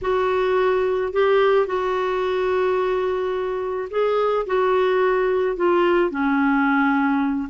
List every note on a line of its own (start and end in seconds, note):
0.01 1.12 F#4
1.12 1.66 G4
1.66 3.88 F#4
3.90 4.46 G#4
4.46 5.56 F#4
5.56 6.10 F4
6.10 7.49 C#4